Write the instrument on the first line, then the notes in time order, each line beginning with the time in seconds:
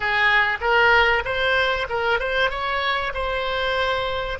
oboe
0.00 G#4
0.60 A#4
1.24 C5
1.89 A#4
2.19 C5
2.50 C#5
3.14 C5